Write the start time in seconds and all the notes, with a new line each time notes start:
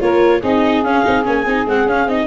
0.00 A#3 F4 A#4 C#5
0.40 C4 D#4 G#4 D#5
0.84 C#4 F5
1.05 C4 D#4
1.24 A#3 C#4 G#5
1.46 C4 D#4
1.66 G#3 C4 F#5
1.86 C#4 F5
2.07 C4 D#4 D#5